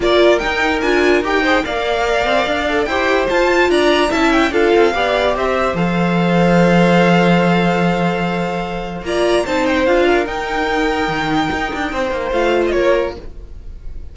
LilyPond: <<
  \new Staff \with { instrumentName = "violin" } { \time 4/4 \tempo 4 = 146 d''4 g''4 gis''4 g''4 | f''2. g''4 | a''4 ais''4 a''8 g''8 f''4~ | f''4 e''4 f''2~ |
f''1~ | f''2 ais''4 a''8 g''8 | f''4 g''2.~ | g''2 f''8. dis''16 cis''4 | }
  \new Staff \with { instrumentName = "violin" } { \time 4/4 ais'2.~ ais'8 c''8 | d''2. c''4~ | c''4 d''4 e''4 a'4 | d''4 c''2.~ |
c''1~ | c''2 d''4 c''4~ | c''8 ais'2.~ ais'8~ | ais'4 c''2 ais'4 | }
  \new Staff \with { instrumentName = "viola" } { \time 4/4 f'4 dis'4 f'4 g'8 gis'8 | ais'2~ ais'8 a'8 g'4 | f'2 e'4 f'4 | g'2 a'2~ |
a'1~ | a'2 f'4 dis'4 | f'4 dis'2.~ | dis'2 f'2 | }
  \new Staff \with { instrumentName = "cello" } { \time 4/4 ais4 dis'4 d'4 dis'4 | ais4. c'8 d'4 e'4 | f'4 d'4 cis'4 d'8 c'8 | b4 c'4 f2~ |
f1~ | f2 ais4 c'4 | d'4 dis'2 dis4 | dis'8 d'8 c'8 ais8 a4 ais4 | }
>>